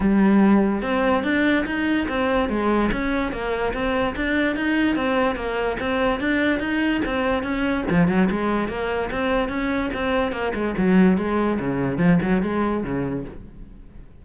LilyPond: \new Staff \with { instrumentName = "cello" } { \time 4/4 \tempo 4 = 145 g2 c'4 d'4 | dis'4 c'4 gis4 cis'4 | ais4 c'4 d'4 dis'4 | c'4 ais4 c'4 d'4 |
dis'4 c'4 cis'4 f8 fis8 | gis4 ais4 c'4 cis'4 | c'4 ais8 gis8 fis4 gis4 | cis4 f8 fis8 gis4 cis4 | }